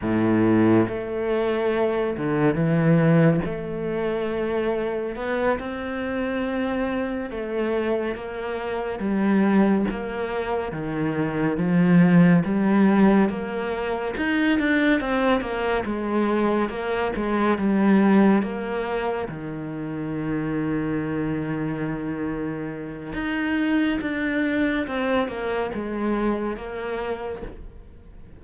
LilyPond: \new Staff \with { instrumentName = "cello" } { \time 4/4 \tempo 4 = 70 a,4 a4. d8 e4 | a2 b8 c'4.~ | c'8 a4 ais4 g4 ais8~ | ais8 dis4 f4 g4 ais8~ |
ais8 dis'8 d'8 c'8 ais8 gis4 ais8 | gis8 g4 ais4 dis4.~ | dis2. dis'4 | d'4 c'8 ais8 gis4 ais4 | }